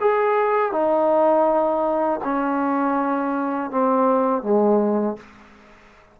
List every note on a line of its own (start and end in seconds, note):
0.00 0.72 G#4
0.72 2.20 D#4
2.24 3.70 C#4
3.70 4.42 C4
4.42 5.16 G#3